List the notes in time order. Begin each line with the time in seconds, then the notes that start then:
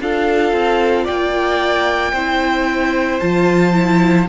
0.00 D4 F4 A4 F5
0.52 C4
1.04 A#3 D5 G5
2.12 C4 E4 C5
3.19 F3 F4 A5
3.73 E4